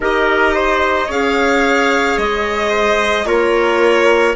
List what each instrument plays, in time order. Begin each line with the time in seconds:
0.00 bassoon D#4, clarinet G4, trumpet A#4, violin D#5
0.54 trumpet C5
1.06 bassoon C#4, clarinet G#4, trumpet C#5, violin F5
2.17 bassoon G#3, violin D#5
2.69 trumpet C5
3.25 bassoon A#3, clarinet F4, trumpet A#4, violin C#5